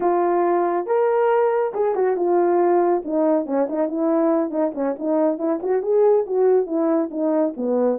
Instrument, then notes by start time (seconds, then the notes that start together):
horn
0.00 F4
0.86 A#4
1.74 G#4
1.95 F#4
2.16 F4
3.04 D#4
3.46 C#4
3.69 D#4
3.88 E4
4.50 D#4
4.74 C#4
4.99 D#4
5.38 E4
5.62 F#4
5.82 G#4
6.26 F#4
6.66 E4
7.10 D#4
7.56 B3